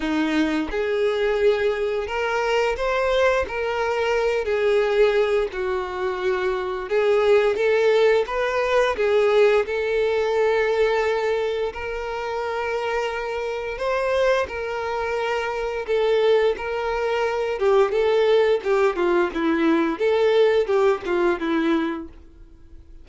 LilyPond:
\new Staff \with { instrumentName = "violin" } { \time 4/4 \tempo 4 = 87 dis'4 gis'2 ais'4 | c''4 ais'4. gis'4. | fis'2 gis'4 a'4 | b'4 gis'4 a'2~ |
a'4 ais'2. | c''4 ais'2 a'4 | ais'4. g'8 a'4 g'8 f'8 | e'4 a'4 g'8 f'8 e'4 | }